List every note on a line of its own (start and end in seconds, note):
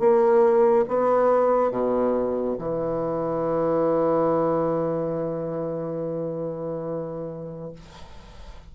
0.00 0.86 A#3
0.88 1.71 B3
1.71 2.57 B2
2.59 7.73 E3